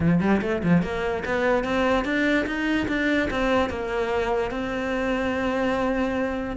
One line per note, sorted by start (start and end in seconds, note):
0.00 0.20 F3
0.20 0.41 G3
0.41 0.62 A3
0.63 0.82 F3
0.82 1.23 A#3
1.25 1.64 B3
1.64 2.05 C4
2.05 2.46 D4
2.46 2.87 D#4
2.88 3.29 D4
3.30 3.69 C4
3.69 4.50 A#3
4.50 6.56 C4